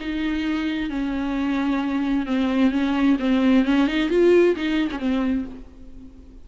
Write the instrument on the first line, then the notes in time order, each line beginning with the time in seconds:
viola
0.00 D#4
0.90 C#4
2.26 C4
2.71 C#4
3.19 C4
3.65 C#4
3.87 D#4
4.10 F4
4.56 D#4
4.91 C#4
4.99 C4